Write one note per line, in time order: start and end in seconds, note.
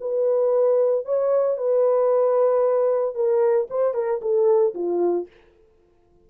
0.00 1.05 B4
1.05 1.57 C#5
1.57 3.15 B4
3.15 3.67 A#4
3.70 3.94 C5
3.94 4.20 A#4
4.21 4.74 A4
4.74 5.27 F4